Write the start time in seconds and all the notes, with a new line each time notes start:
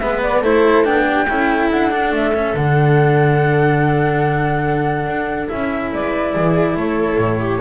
0.00 G#3 B3 B4 E5
0.22 D5
0.41 A3 E4 A4 C5
0.85 B3 D4 G5
1.07 G4
1.29 C#4 E4 A4
1.71 D4 F#5
1.91 D4
2.12 A3 E5
2.35 C#4
2.54 D3 D4 F#5
5.07 D4
5.48 C#4 E4 E5
5.93 G#3 B4 D5
6.34 E3 G#4
6.76 A3 A4 C#5
7.17 A2
7.40 G4